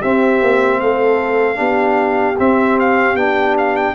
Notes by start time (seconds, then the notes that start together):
0.00 C4 G4 E5
0.41 A#3
0.80 A3 A4 F5
1.55 B3 D4 G4
2.39 C4 E5
2.79 F5
3.15 B3 D4 G5
3.58 F5
3.76 G5